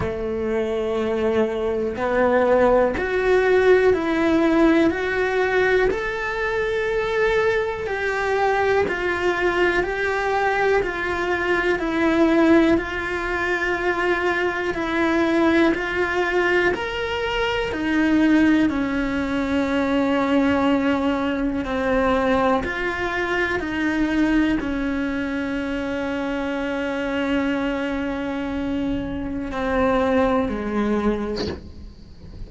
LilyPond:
\new Staff \with { instrumentName = "cello" } { \time 4/4 \tempo 4 = 61 a2 b4 fis'4 | e'4 fis'4 a'2 | g'4 f'4 g'4 f'4 | e'4 f'2 e'4 |
f'4 ais'4 dis'4 cis'4~ | cis'2 c'4 f'4 | dis'4 cis'2.~ | cis'2 c'4 gis4 | }